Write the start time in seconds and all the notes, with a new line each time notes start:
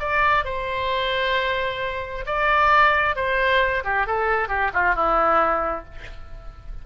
0.00 D5
0.45 C5
2.26 D5
3.16 C5
3.84 G4
4.07 A4
4.49 G4
4.73 F4
4.95 E4